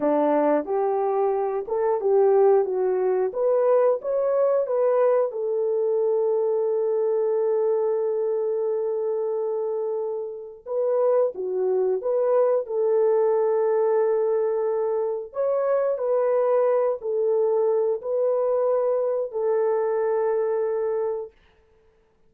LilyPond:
\new Staff \with { instrumentName = "horn" } { \time 4/4 \tempo 4 = 90 d'4 g'4. a'8 g'4 | fis'4 b'4 cis''4 b'4 | a'1~ | a'1 |
b'4 fis'4 b'4 a'4~ | a'2. cis''4 | b'4. a'4. b'4~ | b'4 a'2. | }